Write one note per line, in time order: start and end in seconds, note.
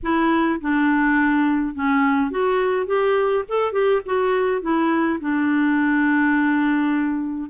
0.02 0.60 E4
0.60 1.74 D4
1.74 2.31 C#4
2.31 2.86 F#4
2.86 3.44 G4
3.48 3.72 A4
3.72 4.01 G4
4.05 4.61 F#4
4.61 5.19 E4
5.20 7.49 D4